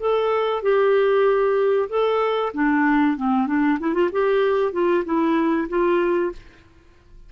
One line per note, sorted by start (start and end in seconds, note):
0.00 0.63 A4
0.63 1.89 G4
1.90 2.53 A4
2.54 3.17 D4
3.17 3.47 C4
3.47 3.79 D4
3.80 3.94 E4
3.94 4.10 F4
4.12 4.73 G4
4.73 5.04 F4
5.05 5.68 E4
5.69 6.32 F4